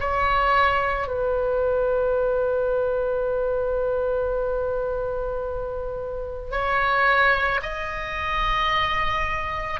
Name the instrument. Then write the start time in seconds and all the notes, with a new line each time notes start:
oboe
0.00 C#5
1.07 B4
6.51 C#5
7.62 D#5